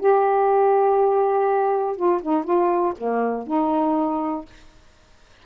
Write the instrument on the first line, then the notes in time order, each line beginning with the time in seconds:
saxophone
0.00 G4
1.96 F4
2.22 D#4
2.44 F4
2.98 A#3
3.47 D#4